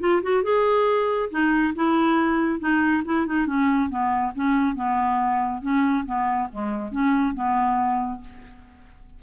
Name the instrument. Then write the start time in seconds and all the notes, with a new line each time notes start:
clarinet
0.00 F4
0.23 F#4
0.44 G#4
1.31 D#4
1.76 E4
2.60 D#4
3.05 E4
3.26 D#4
3.46 C#4
3.90 B3
4.36 C#4
4.75 B3
5.62 C#4
6.06 B3
6.52 G#3
6.92 C#4
7.34 B3